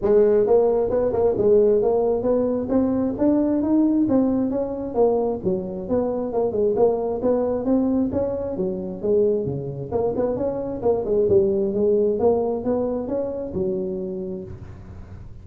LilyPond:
\new Staff \with { instrumentName = "tuba" } { \time 4/4 \tempo 4 = 133 gis4 ais4 b8 ais8 gis4 | ais4 b4 c'4 d'4 | dis'4 c'4 cis'4 ais4 | fis4 b4 ais8 gis8 ais4 |
b4 c'4 cis'4 fis4 | gis4 cis4 ais8 b8 cis'4 | ais8 gis8 g4 gis4 ais4 | b4 cis'4 fis2 | }